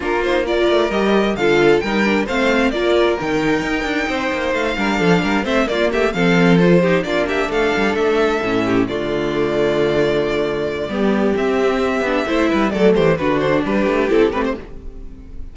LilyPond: <<
  \new Staff \with { instrumentName = "violin" } { \time 4/4 \tempo 4 = 132 ais'8 c''8 d''4 dis''4 f''4 | g''4 f''4 d''4 g''4~ | g''2 f''2 | e''8 d''8 e''8 f''4 c''4 d''8 |
e''8 f''4 e''2 d''8~ | d''1~ | d''4 e''2. | d''8 c''8 b'8 c''8 b'4 a'8 b'16 c''16 | }
  \new Staff \with { instrumentName = "violin" } { \time 4/4 f'4 ais'2 a'4 | ais'4 c''4 ais'2~ | ais'4 c''4. ais'8 a'8 ais'8 | c''8 f'8 g'8 a'4. g'8 f'8 |
g'8 a'2~ a'8 g'8 f'8~ | f'1 | g'2. c''8 b'8 | a'8 g'8 fis'4 g'2 | }
  \new Staff \with { instrumentName = "viola" } { \time 4/4 d'8 dis'8 f'4 g'4 f'4 | dis'8 d'8 c'4 f'4 dis'4~ | dis'2~ dis'8 d'4. | c'8 ais4 c'4 f'8 dis'8 d'8~ |
d'2~ d'8 cis'4 a8~ | a1 | b4 c'4. d'8 e'4 | a4 d'2 e'8 c'8 | }
  \new Staff \with { instrumentName = "cello" } { \time 4/4 ais4. a8 g4 d4 | g4 a4 ais4 dis4 | dis'8 d'8 c'8 ais8 a8 g8 f8 g8 | a8 ais8 a8 f2 ais8~ |
ais8 a8 g8 a4 a,4 d8~ | d1 | g4 c'4. b8 a8 g8 | fis8 e8 d4 g8 a8 c'8 a8 | }
>>